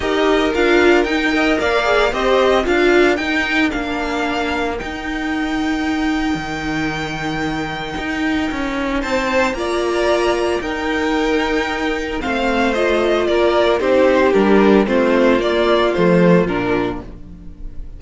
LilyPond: <<
  \new Staff \with { instrumentName = "violin" } { \time 4/4 \tempo 4 = 113 dis''4 f''4 g''4 f''4 | dis''4 f''4 g''4 f''4~ | f''4 g''2.~ | g''1~ |
g''4 a''4 ais''2 | g''2. f''4 | dis''4 d''4 c''4 ais'4 | c''4 d''4 c''4 ais'4 | }
  \new Staff \with { instrumentName = "violin" } { \time 4/4 ais'2~ ais'8 dis''8 d''4 | c''4 ais'2.~ | ais'1~ | ais'1~ |
ais'4 c''4 d''2 | ais'2. c''4~ | c''4 ais'4 g'2 | f'1 | }
  \new Staff \with { instrumentName = "viola" } { \time 4/4 g'4 f'4 dis'8 ais'4 gis'8 | g'4 f'4 dis'4 d'4~ | d'4 dis'2.~ | dis'1~ |
dis'2 f'2 | dis'2. c'4 | f'2 dis'4 d'4 | c'4 ais4 a4 d'4 | }
  \new Staff \with { instrumentName = "cello" } { \time 4/4 dis'4 d'4 dis'4 ais4 | c'4 d'4 dis'4 ais4~ | ais4 dis'2. | dis2. dis'4 |
cis'4 c'4 ais2 | dis'2. a4~ | a4 ais4 c'4 g4 | a4 ais4 f4 ais,4 | }
>>